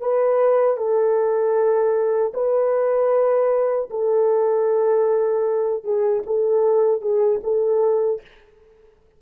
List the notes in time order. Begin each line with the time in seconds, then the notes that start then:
0.00 B4
0.77 A4
2.33 B4
3.90 A4
5.83 G#4
6.26 A4
7.01 G#4
7.43 A4